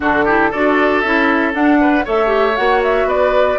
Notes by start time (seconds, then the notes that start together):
0.00 D3 D4 F#4 A4
0.24 E4 G4
0.50 D4 F#4 A4 D5
1.01 C#4 E4 E5
1.53 D4 F#5
1.80 B4
2.04 A3 A4 C#5 E5
2.26 G4
2.55 A#3 F#4 F#5
2.83 E5
3.05 B3 B4 D5